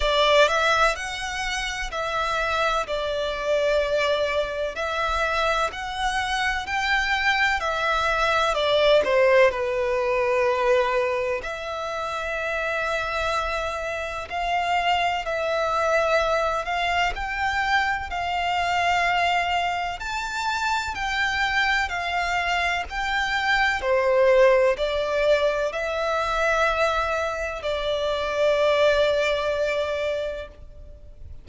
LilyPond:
\new Staff \with { instrumentName = "violin" } { \time 4/4 \tempo 4 = 63 d''8 e''8 fis''4 e''4 d''4~ | d''4 e''4 fis''4 g''4 | e''4 d''8 c''8 b'2 | e''2. f''4 |
e''4. f''8 g''4 f''4~ | f''4 a''4 g''4 f''4 | g''4 c''4 d''4 e''4~ | e''4 d''2. | }